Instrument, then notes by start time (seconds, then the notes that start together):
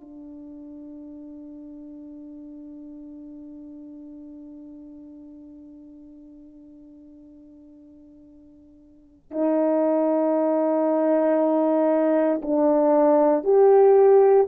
horn
0.00 D4
9.31 D#4
12.41 D4
13.43 G4